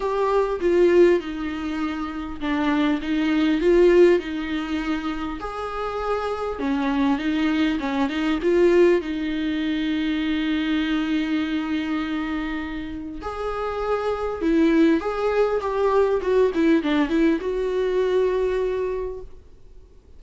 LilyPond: \new Staff \with { instrumentName = "viola" } { \time 4/4 \tempo 4 = 100 g'4 f'4 dis'2 | d'4 dis'4 f'4 dis'4~ | dis'4 gis'2 cis'4 | dis'4 cis'8 dis'8 f'4 dis'4~ |
dis'1~ | dis'2 gis'2 | e'4 gis'4 g'4 fis'8 e'8 | d'8 e'8 fis'2. | }